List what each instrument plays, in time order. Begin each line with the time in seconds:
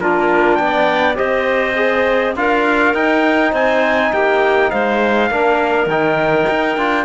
0.00 cello A#3, trombone D4, clarinet F4, trumpet A#4
0.55 cello B3, trumpet G5
0.63 clarinet D5
1.15 cello C4, trombone G4, clarinet C5, trumpet D#5
1.76 trombone G#4
2.36 cello D4, trombone F4, clarinet A#4, trumpet F5
2.94 cello D#4, trombone D#4, trumpet G5
3.52 cello C4, clarinet C5, trumpet G#5
4.13 cello A#3, clarinet G4, trumpet G5
4.71 cello G#3, clarinet C5, trumpet F5
5.30 cello A#3, trombone D4, clarinet A#4
5.86 cello D#3, trombone D#4, trumpet G5
6.50 cello D#4
6.77 cello D4, trombone F4